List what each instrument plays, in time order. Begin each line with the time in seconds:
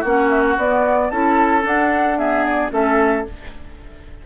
0.00 bassoon A#3, clarinet C#4, oboe F#4, flute F#5
0.30 flute E5
0.44 flute F#5
0.57 bassoon B3, clarinet B3, flute D5
1.10 bassoon C#4, clarinet E4, oboe A4, flute A5
1.62 clarinet D4, bassoon D4, flute F#5
2.18 clarinet B3, oboe G#4, flute E5
2.45 flute D5
2.71 bassoon A3, clarinet C#4, oboe A4, flute E5